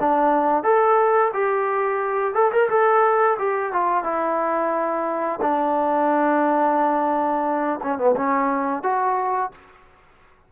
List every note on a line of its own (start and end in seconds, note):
0.00 0.64 D4
0.64 1.32 A4
1.34 2.34 G4
2.34 2.51 A4
2.52 2.69 A#4
2.70 3.38 A4
3.39 3.73 G4
3.73 4.04 F4
4.04 5.40 E4
5.41 7.80 D4
7.83 7.98 C#4
7.98 8.15 B3
8.16 8.83 C#4
8.83 9.51 F#4